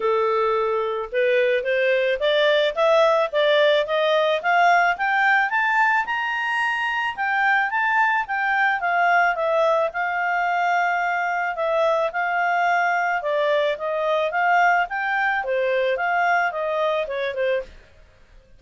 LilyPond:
\new Staff \with { instrumentName = "clarinet" } { \time 4/4 \tempo 4 = 109 a'2 b'4 c''4 | d''4 e''4 d''4 dis''4 | f''4 g''4 a''4 ais''4~ | ais''4 g''4 a''4 g''4 |
f''4 e''4 f''2~ | f''4 e''4 f''2 | d''4 dis''4 f''4 g''4 | c''4 f''4 dis''4 cis''8 c''8 | }